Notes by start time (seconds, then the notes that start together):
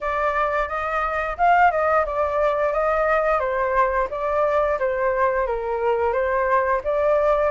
0.00 D5
0.68 D#5
1.37 F5
1.71 D#5
2.05 D5
2.72 D#5
3.39 C5
4.10 D5
4.79 C5
5.46 A#4
6.12 C5
6.84 D5